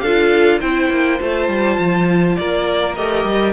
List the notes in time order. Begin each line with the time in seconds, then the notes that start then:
0.00 D4 F4 A4 F5
0.60 C4 E4 C5 G5
0.90 A#3
1.19 A3 F4 A5
1.48 G3
1.78 F3
2.36 A#3 A#4 D5
2.95 A3 G4 D#5
3.25 G3